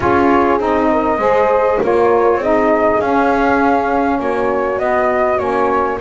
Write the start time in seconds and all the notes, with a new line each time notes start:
0.00 C#4 F4 G#4 C#5
0.58 C4 D#4 D#5
0.92 A#4
1.18 G#3 G#4 C5
1.81 A#3 F4 A#4 C#5
2.36 C4 D#4 G#4
2.43 D#5
3.00 C#4 F5
4.19 A#3 F#4 C#5
4.78 B3 D#5
5.38 A#3 C#4 C#5